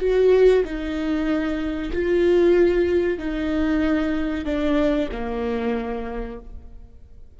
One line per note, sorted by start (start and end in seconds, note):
0.00 0.64 F#4
0.65 1.92 D#4
1.93 3.19 F4
3.19 4.46 D#4
4.46 5.09 D4
5.12 6.40 A#3